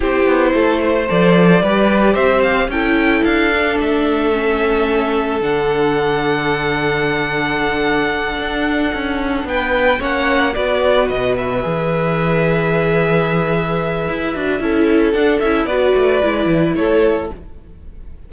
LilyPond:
<<
  \new Staff \with { instrumentName = "violin" } { \time 4/4 \tempo 4 = 111 c''2 d''2 | e''8 f''8 g''4 f''4 e''4~ | e''2 fis''2~ | fis''1~ |
fis''4. g''4 fis''4 d''8~ | d''8 dis''8 e''2.~ | e''1 | fis''8 e''8 d''2 cis''4 | }
  \new Staff \with { instrumentName = "violin" } { \time 4/4 g'4 a'8 c''4. b'4 | c''4 a'2.~ | a'1~ | a'1~ |
a'4. b'4 cis''4 b'8~ | b'1~ | b'2. a'4~ | a'4 b'2 a'4 | }
  \new Staff \with { instrumentName = "viola" } { \time 4/4 e'2 a'4 g'4~ | g'4 e'4. d'4. | cis'2 d'2~ | d'1~ |
d'2~ d'8 cis'4 fis'8~ | fis'4. gis'2~ gis'8~ | gis'2~ gis'8 fis'8 e'4 | d'8 e'8 fis'4 e'2 | }
  \new Staff \with { instrumentName = "cello" } { \time 4/4 c'8 b8 a4 f4 g4 | c'4 cis'4 d'4 a4~ | a2 d2~ | d2.~ d8 d'8~ |
d'8 cis'4 b4 ais4 b8~ | b8 b,4 e2~ e8~ | e2 e'8 d'8 cis'4 | d'8 cis'8 b8 a8 gis8 e8 a4 | }
>>